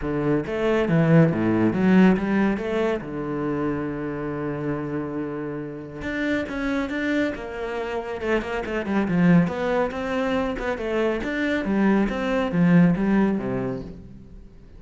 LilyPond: \new Staff \with { instrumentName = "cello" } { \time 4/4 \tempo 4 = 139 d4 a4 e4 a,4 | fis4 g4 a4 d4~ | d1~ | d2 d'4 cis'4 |
d'4 ais2 a8 ais8 | a8 g8 f4 b4 c'4~ | c'8 b8 a4 d'4 g4 | c'4 f4 g4 c4 | }